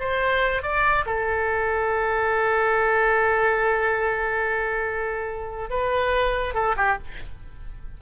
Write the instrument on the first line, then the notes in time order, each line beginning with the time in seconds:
oboe
0.00 C5
0.63 D5
1.06 A4
5.70 B4
6.55 A4
6.77 G4